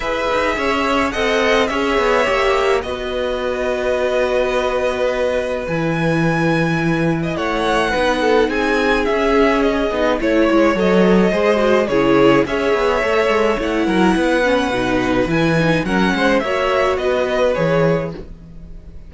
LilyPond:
<<
  \new Staff \with { instrumentName = "violin" } { \time 4/4 \tempo 4 = 106 e''2 fis''4 e''4~ | e''4 dis''2.~ | dis''2 gis''2~ | gis''4 fis''2 gis''4 |
e''4 dis''4 cis''4 dis''4~ | dis''4 cis''4 e''2 | fis''2. gis''4 | fis''4 e''4 dis''4 cis''4 | }
  \new Staff \with { instrumentName = "violin" } { \time 4/4 b'4 cis''4 dis''4 cis''4~ | cis''4 b'2.~ | b'1~ | b'8. dis''16 cis''4 b'8 a'8 gis'4~ |
gis'2 cis''2 | c''4 gis'4 cis''2~ | cis''8 ais'8 b'2. | ais'8 c''8 cis''4 b'2 | }
  \new Staff \with { instrumentName = "viola" } { \time 4/4 gis'2 a'4 gis'4 | g'4 fis'2.~ | fis'2 e'2~ | e'2 dis'2 |
cis'4. dis'8 e'4 a'4 | gis'8 fis'8 e'4 gis'4 a'4 | e'4. cis'8 dis'4 e'8 dis'8 | cis'4 fis'2 gis'4 | }
  \new Staff \with { instrumentName = "cello" } { \time 4/4 e'8 dis'8 cis'4 c'4 cis'8 b8 | ais4 b2.~ | b2 e2~ | e4 a4 b4 c'4 |
cis'4. b8 a8 gis8 fis4 | gis4 cis4 cis'8 b8 a8 gis8 | a8 fis8 b4 b,4 e4 | fis8 gis8 ais4 b4 e4 | }
>>